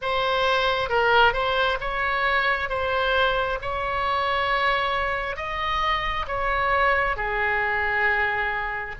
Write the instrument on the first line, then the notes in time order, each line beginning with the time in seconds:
oboe
0.01 C5
0.89 A#4
1.33 C5
1.80 C#5
2.69 C5
3.61 C#5
5.36 D#5
6.27 C#5
7.16 G#4